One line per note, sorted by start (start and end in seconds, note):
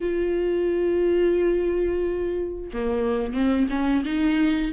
0.00 2.70 F4
2.73 3.33 A#3
3.33 3.67 C4
3.70 4.03 C#4
4.04 4.72 D#4